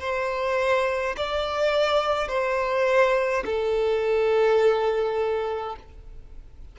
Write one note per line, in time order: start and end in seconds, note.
0.00 1.15 C5
1.17 2.28 D5
2.28 3.44 C5
3.46 5.76 A4